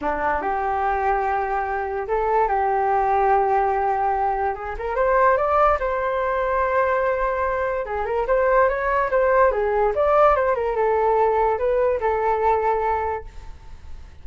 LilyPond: \new Staff \with { instrumentName = "flute" } { \time 4/4 \tempo 4 = 145 d'4 g'2.~ | g'4 a'4 g'2~ | g'2. gis'8 ais'8 | c''4 d''4 c''2~ |
c''2. gis'8 ais'8 | c''4 cis''4 c''4 gis'4 | d''4 c''8 ais'8 a'2 | b'4 a'2. | }